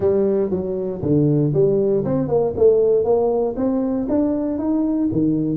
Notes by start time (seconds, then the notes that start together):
0.00 G3
0.50 F#3
1.02 D3
1.53 G3
2.05 C4
2.28 A#3
2.56 A3
3.04 A#3
3.56 C4
4.08 D4
4.58 D#4
5.12 D#3